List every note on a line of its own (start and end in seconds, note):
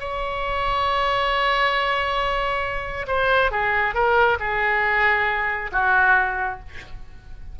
0.00 3.07 C#5
3.07 3.51 C5
3.51 3.94 G#4
3.94 4.38 A#4
4.40 5.71 G#4
5.72 6.60 F#4